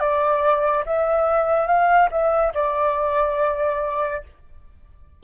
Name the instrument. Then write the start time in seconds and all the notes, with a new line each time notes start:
flute
0.00 D5
0.86 E5
1.67 F5
2.11 E5
2.55 D5